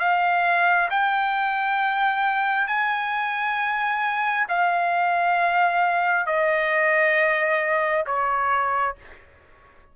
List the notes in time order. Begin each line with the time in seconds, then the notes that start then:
0.00 F5
0.91 G5
2.68 G#5
4.49 F5
6.26 D#5
8.06 C#5